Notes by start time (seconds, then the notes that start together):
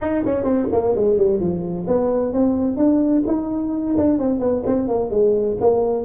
0.01 D#4
0.25 C#4
0.43 C4
0.71 A#3
0.95 G#3
1.17 G3
1.40 F3
1.87 B3
2.33 C4
2.76 D4
3.26 D#4
3.97 D4
4.19 C4
4.39 B3
4.66 C4
4.88 A#3
5.10 G#3
5.60 A#3